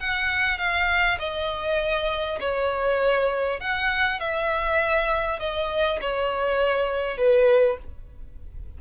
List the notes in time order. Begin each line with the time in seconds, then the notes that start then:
0.00 F#5
0.59 F5
1.19 D#5
2.40 C#5
3.61 F#5
4.20 E5
5.40 D#5
6.01 C#5
7.18 B4